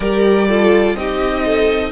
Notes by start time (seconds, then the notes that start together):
0.00 G3 G4 A#4 D5
0.48 F4 A4
0.95 C4 D#4 G4 D#5
1.45 A4